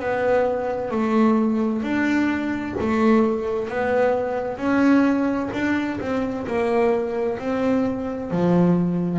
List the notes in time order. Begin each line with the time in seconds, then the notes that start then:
0.00 B3
0.91 A3
1.83 D4
2.81 A3
3.69 B3
4.58 C#4
5.54 D4
6.01 C4
6.47 A#3
7.39 C4
8.31 F3